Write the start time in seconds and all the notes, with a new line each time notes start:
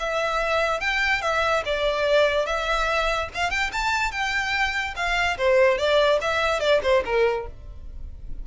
0.00 E5
0.81 G5
1.22 E5
1.66 D5
2.46 E5
3.35 F5
3.51 G5
3.73 A5
4.12 G5
4.97 F5
5.38 C5
5.79 D5
6.22 E5
6.61 D5
6.83 C5
7.06 A#4